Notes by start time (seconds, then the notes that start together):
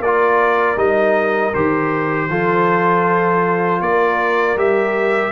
0.00 A#3 F4 A#4 D5
0.76 G3 D#4 D#5
1.54 D#3 G4 C5
2.29 F3 F4 A4
3.81 A#3 A#4 D5
4.55 G3 G4 E5